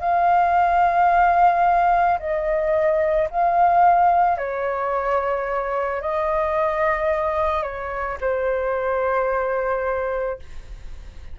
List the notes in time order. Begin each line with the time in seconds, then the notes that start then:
0.00 F5
2.19 D#5
3.31 F5
4.37 C#5
6.01 D#5
7.63 C#5
8.21 C5